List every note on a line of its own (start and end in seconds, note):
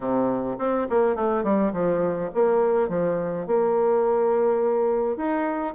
0.00 0.56 C3
0.58 0.87 C4
0.89 1.15 A#3
1.15 1.43 A3
1.43 1.72 G3
1.72 2.30 F3
2.34 2.88 A#3
2.88 3.46 F3
3.46 5.16 A#3
5.16 5.74 D#4